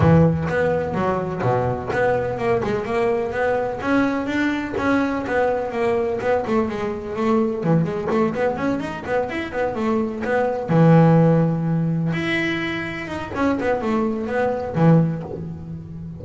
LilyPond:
\new Staff \with { instrumentName = "double bass" } { \time 4/4 \tempo 4 = 126 e4 b4 fis4 b,4 | b4 ais8 gis8 ais4 b4 | cis'4 d'4 cis'4 b4 | ais4 b8 a8 gis4 a4 |
e8 gis8 a8 b8 cis'8 dis'8 b8 e'8 | b8 a4 b4 e4.~ | e4. e'2 dis'8 | cis'8 b8 a4 b4 e4 | }